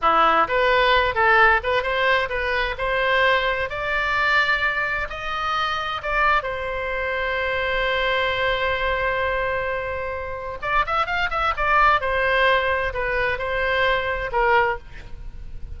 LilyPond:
\new Staff \with { instrumentName = "oboe" } { \time 4/4 \tempo 4 = 130 e'4 b'4. a'4 b'8 | c''4 b'4 c''2 | d''2. dis''4~ | dis''4 d''4 c''2~ |
c''1~ | c''2. d''8 e''8 | f''8 e''8 d''4 c''2 | b'4 c''2 ais'4 | }